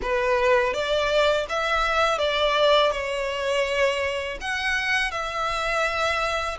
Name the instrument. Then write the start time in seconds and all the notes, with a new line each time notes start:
violin
0.02 B4
0.73 D5
1.49 E5
2.18 D5
2.91 C#5
4.41 F#5
5.11 E5